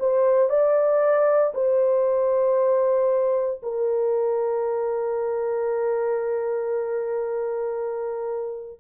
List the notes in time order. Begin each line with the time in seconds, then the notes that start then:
0.00 C5
0.50 D5
1.54 C5
3.63 A#4